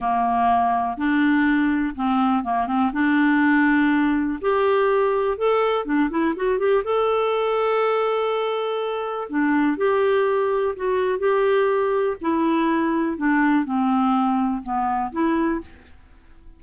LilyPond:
\new Staff \with { instrumentName = "clarinet" } { \time 4/4 \tempo 4 = 123 ais2 d'2 | c'4 ais8 c'8 d'2~ | d'4 g'2 a'4 | d'8 e'8 fis'8 g'8 a'2~ |
a'2. d'4 | g'2 fis'4 g'4~ | g'4 e'2 d'4 | c'2 b4 e'4 | }